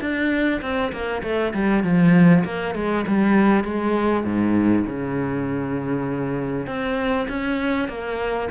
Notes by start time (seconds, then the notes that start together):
0.00 D4
0.61 C4
0.92 A#3
1.23 A3
1.53 G3
1.83 F3
2.44 A#3
2.75 G#3
3.07 G3
3.63 G#3
4.24 G#2
4.86 C#3
6.66 C4
7.28 C#4
7.88 A#3